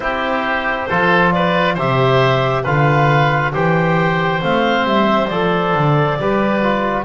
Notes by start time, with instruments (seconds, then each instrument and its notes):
0.00 double bass C4, trombone E4, oboe G4, clarinet C5
0.89 double bass F3, trombone F4, oboe A4
1.32 oboe B4, clarinet D5
1.74 double bass C3, trombone G4, oboe C5, clarinet E5
2.63 double bass D3, trombone F4, oboe B4, clarinet F5
3.53 double bass E3, trombone G4, oboe C5, clarinet G5
4.41 double bass A3, trombone C4, clarinet F5
4.84 double bass G3, clarinet E5
5.27 double bass F3, trombone A4, clarinet D5
5.74 double bass D3
6.19 double bass G3, trombone G4, oboe B4
6.62 trombone F4